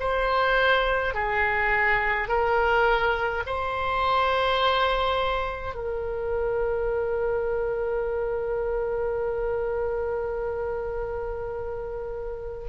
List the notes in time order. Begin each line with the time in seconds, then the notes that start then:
0.00 C5
1.14 G#4
2.28 A#4
3.46 C5
5.75 A#4